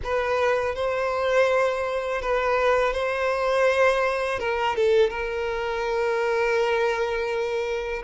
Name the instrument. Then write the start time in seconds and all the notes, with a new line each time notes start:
violin
0.03 B4
0.75 C5
2.21 B4
2.93 C5
4.39 A#4
4.75 A4
5.10 A#4